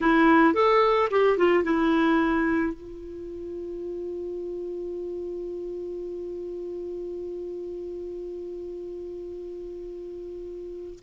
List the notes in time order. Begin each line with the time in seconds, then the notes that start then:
0.00 E4
0.54 A4
1.10 G4
1.37 F4
1.63 E4
2.73 F4